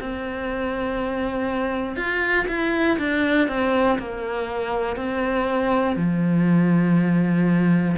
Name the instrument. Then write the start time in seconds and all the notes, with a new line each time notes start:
cello
0.00 C4
1.96 F4
2.47 E4
2.99 D4
3.48 C4
3.99 A#3
4.96 C4
5.96 F3